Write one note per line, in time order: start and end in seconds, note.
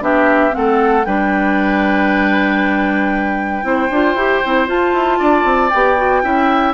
0.00 0.52 B3
0.00 0.51 D4
0.00 0.54 G4
0.00 0.54 E5
0.51 1.05 A3
0.51 1.02 C4
0.51 1.05 F#5
0.57 1.06 A4
1.05 3.63 G3
1.05 3.63 D4
1.05 3.65 B4
1.05 4.67 G5
3.63 3.89 C4
3.63 3.88 E4
3.63 5.18 C5
3.90 4.14 D4
3.90 4.17 F4
4.14 4.40 E4
4.14 4.42 G4
4.44 4.68 C4
4.44 4.66 E4
4.66 5.70 F4
4.66 4.93 F4
4.66 5.69 A5
4.93 5.19 E4
5.18 5.44 D4
5.18 6.22 D5
5.44 5.70 C4
5.69 6.23 B3
5.69 5.97 G4
5.69 6.72 G5
5.97 6.22 F#4
6.22 6.74 C#4
6.22 6.74 E4
6.22 6.74 E5